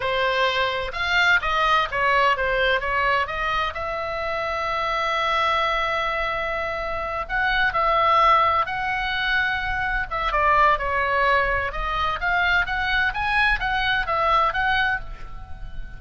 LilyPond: \new Staff \with { instrumentName = "oboe" } { \time 4/4 \tempo 4 = 128 c''2 f''4 dis''4 | cis''4 c''4 cis''4 dis''4 | e''1~ | e''2.~ e''8 fis''8~ |
fis''8 e''2 fis''4.~ | fis''4. e''8 d''4 cis''4~ | cis''4 dis''4 f''4 fis''4 | gis''4 fis''4 e''4 fis''4 | }